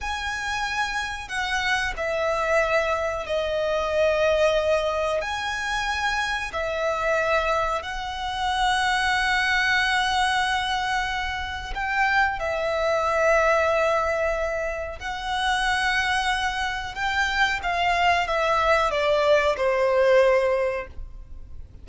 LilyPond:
\new Staff \with { instrumentName = "violin" } { \time 4/4 \tempo 4 = 92 gis''2 fis''4 e''4~ | e''4 dis''2. | gis''2 e''2 | fis''1~ |
fis''2 g''4 e''4~ | e''2. fis''4~ | fis''2 g''4 f''4 | e''4 d''4 c''2 | }